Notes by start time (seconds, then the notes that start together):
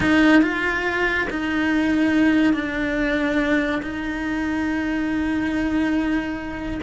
0.00 D#4
0.42 F4
1.29 D#4
2.53 D4
3.82 D#4